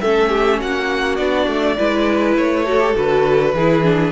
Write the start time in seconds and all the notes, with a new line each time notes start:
0.00 A3 C#4 A4 E5
0.29 G4
0.59 A#3 F#4 F#5
1.16 B3 D4 D5
1.47 A3
1.78 G#3 E4 B4
2.36 A3 C#5
2.64 F#4 A4
2.79 G4
2.94 D3 F#4 B4
3.53 E3 E4 G#4
3.83 D4